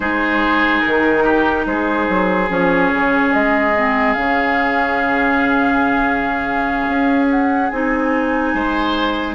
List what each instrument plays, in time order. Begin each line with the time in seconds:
0.00 bassoon G#3, clarinet D#4, oboe G#4, flute C5
0.80 bassoon D#3, flute A#4
1.23 oboe G4
1.66 bassoon G#3, oboe G#4, flute C5
2.08 bassoon F#3
2.49 bassoon F3, clarinet C#4, flute C#5
2.93 bassoon C#3
3.33 bassoon G#3, flute D#5
3.74 clarinet C4
4.13 bassoon C#3, clarinet C#4, flute F5
6.87 bassoon C#4
7.30 flute F#5
7.69 bassoon C4, clarinet D#4, flute G#5
8.54 bassoon G#3, oboe C5